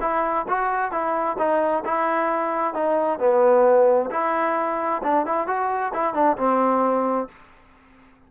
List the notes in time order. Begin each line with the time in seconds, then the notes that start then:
0.00 E4
0.48 F#4
0.91 E4
1.38 D#4
1.84 E4
2.74 D#4
3.19 B3
4.11 E4
5.03 D4
5.26 E4
5.47 F#4
5.93 E4
6.14 D4
6.37 C4